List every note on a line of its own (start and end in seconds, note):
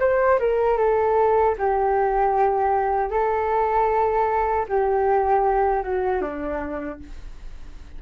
0.00 0.39 C5
0.39 0.78 A#4
0.78 1.55 A4
1.58 3.10 G4
3.10 4.66 A4
4.69 5.83 G4
5.83 6.21 F#4
6.21 6.99 D4